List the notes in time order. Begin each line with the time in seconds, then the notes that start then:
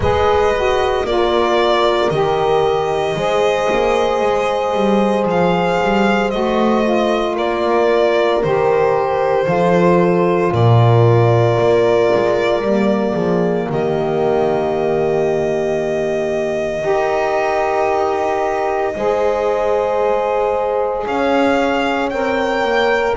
0.00 G#3 G#4 B4 D#5
0.55 F#4
1.03 A#3 F4 A#4 D5
2.09 D#3 G4 D#5
3.15 G#3 G#4 C5
3.71 A#3
4.21 G#3
4.73 G3
5.25 F3 F5
5.82 G3
6.30 A3 F#4 D#5
6.83 F4
7.34 A#3 A#4 D5
8.42 D#3 G4 C5
9.45 F3 F4 A4
10.52 A#2 A#4 D5
11.57 A#3
12.14 G#3
12.61 G3 A#3
13.13 F3 G#4
13.69 D#3 G4 D#5
16.81 D#4 G4 A#4
18.95 G#3 G#4 C5
21.06 C#4 C#5 F5
22.09 C4 A#4 G5
22.63 A#3